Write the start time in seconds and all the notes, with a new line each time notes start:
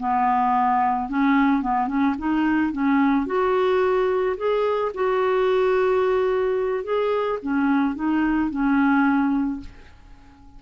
0.00 B3
1.09 C#4
1.62 B3
1.88 C#4
2.18 D#4
2.72 C#4
3.27 F#4
4.37 G#4
4.95 F#4
6.84 G#4
7.43 C#4
7.96 D#4
8.51 C#4